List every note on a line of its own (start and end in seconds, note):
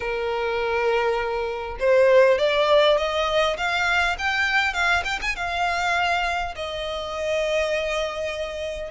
0.00 1.77 A#4
1.79 2.38 C5
2.38 2.97 D5
2.97 3.56 D#5
3.57 4.16 F5
4.18 4.73 G5
4.73 5.03 F5
5.04 5.19 G5
5.21 5.36 G#5
5.36 6.55 F5
6.55 8.91 D#5